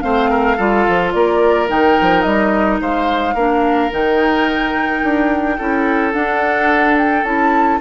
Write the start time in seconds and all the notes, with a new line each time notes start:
0.00 A3 C4 C5 F5
0.30 A#4
0.56 G3 F4 A4
0.88 F3
1.12 A#3 A#4 D5
1.67 D#3 D#4 G5
2.01 F3
2.22 G3 D#5
2.80 G#3 C5 F5
3.34 A#3 D4 A#4
3.90 D#3 D#4 G5
5.03 D4
5.58 C#4 E4 A4
6.12 D4 F#5
6.97 G5
7.23 C#4 E4 A5